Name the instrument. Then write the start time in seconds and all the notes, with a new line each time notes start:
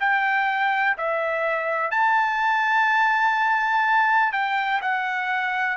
trumpet
0.00 G5
0.97 E5
1.90 A5
4.32 G5
4.82 F#5